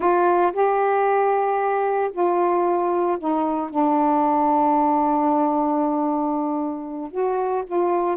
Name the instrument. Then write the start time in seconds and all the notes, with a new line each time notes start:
saxophone
0.00 F4
0.53 G4
2.12 F4
3.18 D#4
3.70 D4
7.11 F#4
7.66 F4